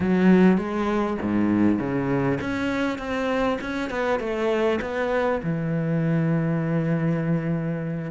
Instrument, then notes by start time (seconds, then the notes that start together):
cello
0.00 F#3
0.57 G#3
1.22 G#2
1.78 C#3
2.41 C#4
2.98 C4
3.61 C#4
3.90 B3
4.19 A3
4.81 B3
5.43 E3